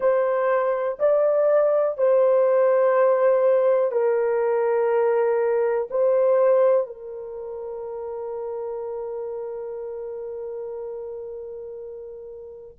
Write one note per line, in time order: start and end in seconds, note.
0.00 0.98 C5
0.99 1.97 D5
1.97 3.91 C5
3.91 5.88 A#4
5.90 6.86 C5
6.86 12.76 A#4